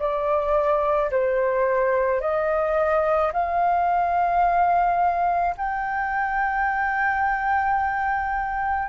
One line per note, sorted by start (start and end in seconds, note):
0.00 1.11 D5
1.11 2.21 C5
2.21 3.32 D#5
3.33 5.56 F5
5.58 8.89 G5